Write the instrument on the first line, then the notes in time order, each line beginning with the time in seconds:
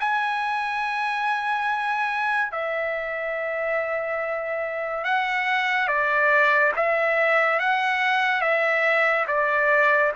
trumpet
0.00 G#5
2.52 E5
5.04 F#5
5.88 D5
6.76 E5
7.60 F#5
8.42 E5
9.28 D5